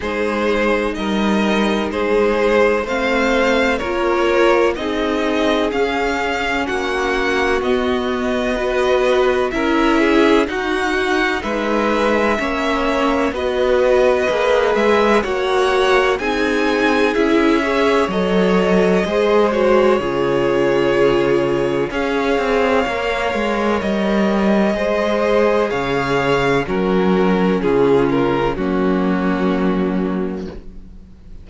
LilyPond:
<<
  \new Staff \with { instrumentName = "violin" } { \time 4/4 \tempo 4 = 63 c''4 dis''4 c''4 f''4 | cis''4 dis''4 f''4 fis''4 | dis''2 e''4 fis''4 | e''2 dis''4. e''8 |
fis''4 gis''4 e''4 dis''4~ | dis''8 cis''2~ cis''8 f''4~ | f''4 dis''2 f''4 | ais'4 gis'8 ais'8 fis'2 | }
  \new Staff \with { instrumentName = "violin" } { \time 4/4 gis'4 ais'4 gis'4 c''4 | ais'4 gis'2 fis'4~ | fis'4 b'4 ais'8 gis'8 fis'4 | b'4 cis''4 b'2 |
cis''4 gis'4. cis''4. | c''4 gis'2 cis''4~ | cis''2 c''4 cis''4 | fis'4 f'4 cis'2 | }
  \new Staff \with { instrumentName = "viola" } { \time 4/4 dis'2. c'4 | f'4 dis'4 cis'2 | b4 fis'4 e'4 dis'4~ | dis'4 cis'4 fis'4 gis'4 |
fis'4 dis'4 e'8 gis'8 a'4 | gis'8 fis'8 f'2 gis'4 | ais'2 gis'2 | cis'2 ais2 | }
  \new Staff \with { instrumentName = "cello" } { \time 4/4 gis4 g4 gis4 a4 | ais4 c'4 cis'4 ais4 | b2 cis'4 dis'4 | gis4 ais4 b4 ais8 gis8 |
ais4 c'4 cis'4 fis4 | gis4 cis2 cis'8 c'8 | ais8 gis8 g4 gis4 cis4 | fis4 cis4 fis2 | }
>>